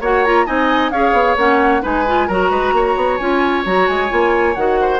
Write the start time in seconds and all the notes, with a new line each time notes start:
0.00 A#3 F#4 C#5 F#5
0.24 F4 A#5
0.46 C4 D#4 D#5 G#5
0.90 C#4 G#4 C#5 F5
1.12 B3
1.36 A#3 C#4 F#5
1.81 G#3 D#4 B4 G#5
2.07 F4
2.27 F#3 F#4 A#4 A#5
2.50 G#3 B4
2.72 A#3 C#5
2.95 B3
3.17 C#4 F4 G#5
3.65 F#3 F#4 A#5
3.87 G#3 G#5
4.09 A#3 F4
4.54 D#3 F#4 F#5
4.80 C5